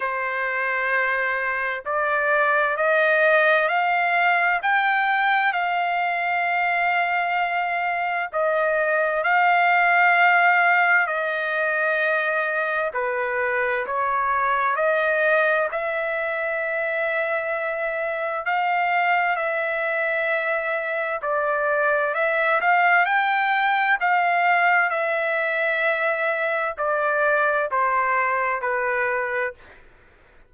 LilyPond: \new Staff \with { instrumentName = "trumpet" } { \time 4/4 \tempo 4 = 65 c''2 d''4 dis''4 | f''4 g''4 f''2~ | f''4 dis''4 f''2 | dis''2 b'4 cis''4 |
dis''4 e''2. | f''4 e''2 d''4 | e''8 f''8 g''4 f''4 e''4~ | e''4 d''4 c''4 b'4 | }